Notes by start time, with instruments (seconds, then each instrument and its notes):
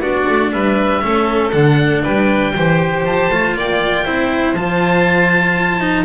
0.00 double bass B3, cello D4, violin F#4, oboe D5
0.29 double bass A3
0.52 double bass G3, violin B4, oboe E5
1.01 double bass A3, cello C#4, violin A4
1.52 double bass D3, cello D4, oboe F#5
2.03 double bass G3, violin B4, oboe G5
2.56 double bass E3, cello G4, violin C5
3.04 double bass F3, oboe A5
3.30 double bass A3, cello F4
3.54 double bass A#3, violin D5, oboe G5
4.04 double bass C4, cello E4, violin C5
4.54 double bass F3, cello F4, oboe A5
5.81 cello D#4